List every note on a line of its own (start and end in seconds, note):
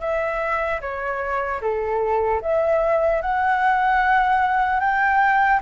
0.00 0.80 E5
0.80 1.60 C#5
1.61 2.41 A4
2.41 3.21 E5
3.21 4.80 F#5
4.80 5.60 G5